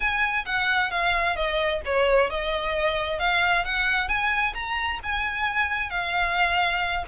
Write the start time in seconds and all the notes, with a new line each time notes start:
0.00 G#5
0.45 F#5
0.90 F5
1.36 D#5
1.85 C#5
2.30 D#5
3.19 F5
3.65 F#5
4.08 G#5
4.54 A#5
5.03 G#5
5.90 F5